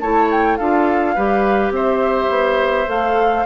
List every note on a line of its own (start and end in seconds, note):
0.00 0.58 A3
0.00 0.59 E4
0.00 0.58 C#5
0.00 0.29 A5
0.31 0.57 G5
0.57 1.16 D4
0.57 1.16 F4
0.57 1.14 A4
0.57 1.72 F5
1.14 1.70 G3
1.14 2.87 G4
1.14 1.72 B4
1.70 2.28 C4
1.70 3.46 C5
1.70 2.89 E5
2.29 2.86 B3
2.87 3.45 A3
2.87 3.45 A4
2.87 3.46 F5